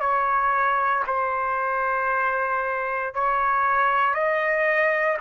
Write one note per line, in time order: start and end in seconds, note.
0.00 1.03 C#5
1.07 3.14 C5
3.14 4.14 C#5
4.14 5.17 D#5